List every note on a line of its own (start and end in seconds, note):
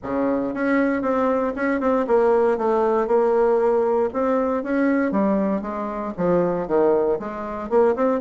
0.03 0.53 C#3
0.53 1.02 C#4
1.02 1.53 C4
1.55 1.80 C#4
1.80 2.06 C4
2.07 2.57 A#3
2.57 3.07 A3
3.07 4.09 A#3
4.13 4.63 C4
4.63 5.11 C#4
5.11 5.61 G3
5.61 6.13 G#3
6.17 6.67 F3
6.67 7.19 D#3
7.19 7.69 G#3
7.69 7.95 A#3
7.95 8.20 C4